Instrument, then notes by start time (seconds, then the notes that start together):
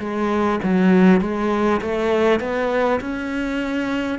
cello
0.00 G#3
0.63 F#3
1.21 G#3
1.82 A3
2.41 B3
3.01 C#4